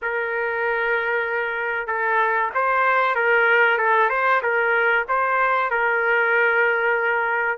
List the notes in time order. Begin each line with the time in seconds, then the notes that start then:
0.01 A#4
1.87 A4
2.54 C5
3.15 A#4
3.78 A4
4.09 C5
4.42 A#4
5.08 C5
5.70 A#4